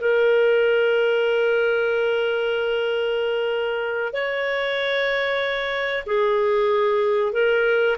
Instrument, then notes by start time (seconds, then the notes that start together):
clarinet
0.00 A#4
4.13 C#5
6.06 G#4
7.32 A#4